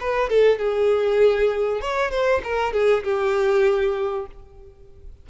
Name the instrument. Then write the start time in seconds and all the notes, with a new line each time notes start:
violin
0.00 B4
0.29 A4
0.58 G#4
1.81 C#5
2.11 C5
2.44 A#4
2.73 G#4
3.03 G4